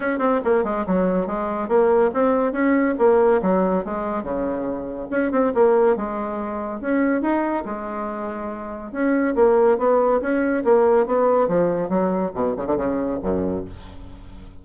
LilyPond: \new Staff \with { instrumentName = "bassoon" } { \time 4/4 \tempo 4 = 141 cis'8 c'8 ais8 gis8 fis4 gis4 | ais4 c'4 cis'4 ais4 | fis4 gis4 cis2 | cis'8 c'8 ais4 gis2 |
cis'4 dis'4 gis2~ | gis4 cis'4 ais4 b4 | cis'4 ais4 b4 f4 | fis4 b,8 cis16 d16 cis4 fis,4 | }